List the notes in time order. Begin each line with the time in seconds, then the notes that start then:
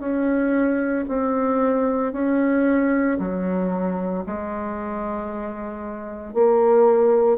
0.00 C#4
1.08 C4
2.13 C#4
3.19 F#3
4.26 G#3
6.34 A#3